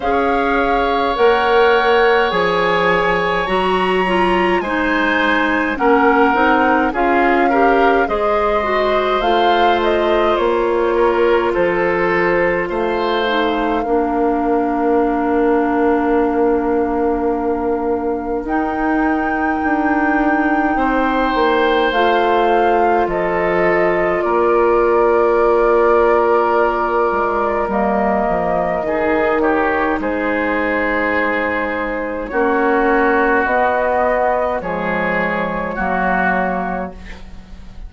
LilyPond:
<<
  \new Staff \with { instrumentName = "flute" } { \time 4/4 \tempo 4 = 52 f''4 fis''4 gis''4 ais''4 | gis''4 fis''4 f''4 dis''4 | f''8 dis''8 cis''4 c''4 f''4~ | f''1 |
g''2. f''4 | dis''4 d''2. | dis''4. cis''8 c''2 | cis''4 dis''4 cis''2 | }
  \new Staff \with { instrumentName = "oboe" } { \time 4/4 cis''1 | c''4 ais'4 gis'8 ais'8 c''4~ | c''4. ais'8 a'4 c''4 | ais'1~ |
ais'2 c''2 | a'4 ais'2.~ | ais'4 gis'8 g'8 gis'2 | fis'2 gis'4 fis'4 | }
  \new Staff \with { instrumentName = "clarinet" } { \time 4/4 gis'4 ais'4 gis'4 fis'8 f'8 | dis'4 cis'8 dis'8 f'8 g'8 gis'8 fis'8 | f'2.~ f'8 dis'8 | d'1 |
dis'2. f'4~ | f'1 | ais4 dis'2. | cis'4 b4 gis4 ais4 | }
  \new Staff \with { instrumentName = "bassoon" } { \time 4/4 cis'4 ais4 f4 fis4 | gis4 ais8 c'8 cis'4 gis4 | a4 ais4 f4 a4 | ais1 |
dis'4 d'4 c'8 ais8 a4 | f4 ais2~ ais8 gis8 | g8 f8 dis4 gis2 | ais4 b4 f4 fis4 | }
>>